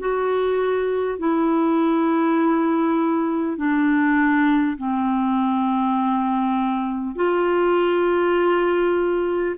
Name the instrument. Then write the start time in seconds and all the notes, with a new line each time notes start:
clarinet
0.00 F#4
1.19 E4
3.58 D4
4.78 C4
7.16 F4